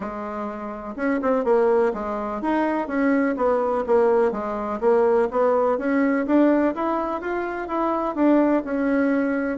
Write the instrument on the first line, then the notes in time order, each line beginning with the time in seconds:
bassoon
0.00 G#3
0.96 C#4
1.22 C4
1.44 A#3
1.93 G#3
2.41 D#4
2.87 C#4
3.36 B3
3.86 A#3
4.31 G#3
4.80 A#3
5.30 B3
5.78 C#4
6.26 D4
6.74 E4
7.21 F4
7.68 E4
8.15 D4
8.64 C#4